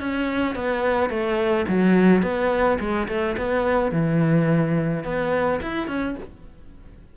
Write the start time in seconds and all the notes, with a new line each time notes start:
0.00 C#4
0.56 B3
1.10 A3
1.68 F#3
2.23 B3
2.80 G#3
3.08 A3
3.37 B3
3.92 E3
5.04 B3
5.63 E4
5.88 C#4